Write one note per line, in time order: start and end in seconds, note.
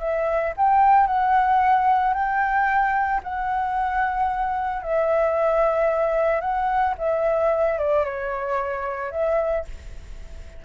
0.00 0.54 E5
0.57 1.07 G5
1.07 2.14 F#5
2.14 3.21 G5
3.24 4.83 F#5
4.83 6.41 E5
6.41 6.94 F#5
6.98 7.79 E5
7.79 8.05 D5
8.05 9.12 C#5
9.12 9.65 E5